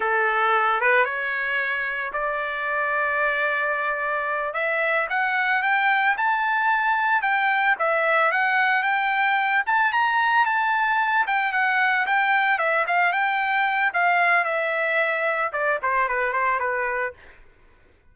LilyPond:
\new Staff \with { instrumentName = "trumpet" } { \time 4/4 \tempo 4 = 112 a'4. b'8 cis''2 | d''1~ | d''8 e''4 fis''4 g''4 a''8~ | a''4. g''4 e''4 fis''8~ |
fis''8 g''4. a''8 ais''4 a''8~ | a''4 g''8 fis''4 g''4 e''8 | f''8 g''4. f''4 e''4~ | e''4 d''8 c''8 b'8 c''8 b'4 | }